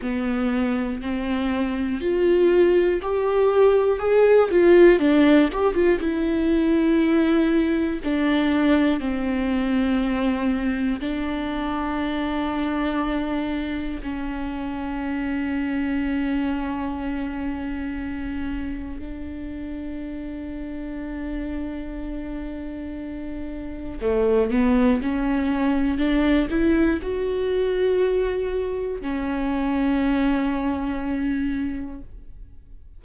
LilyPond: \new Staff \with { instrumentName = "viola" } { \time 4/4 \tempo 4 = 60 b4 c'4 f'4 g'4 | gis'8 f'8 d'8 g'16 f'16 e'2 | d'4 c'2 d'4~ | d'2 cis'2~ |
cis'2. d'4~ | d'1 | a8 b8 cis'4 d'8 e'8 fis'4~ | fis'4 cis'2. | }